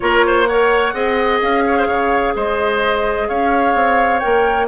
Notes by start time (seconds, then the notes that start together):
0.00 A#3 F4 A#4 C#5
0.26 C5
0.45 A#4 C#5 F#5
0.93 C4 G#4 D#5
1.41 C#4 F5
1.66 C#5
1.78 C5
1.86 C#3 C#5
2.35 G#3 C5 D#5
3.28 C#4 C#5 F5
3.74 C4
4.19 A#3 A#4 G5